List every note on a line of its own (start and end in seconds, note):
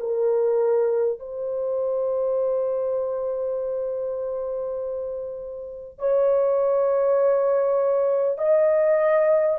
0.00 1.19 A#4
1.19 5.99 C5
5.99 8.38 C#5
8.38 9.58 D#5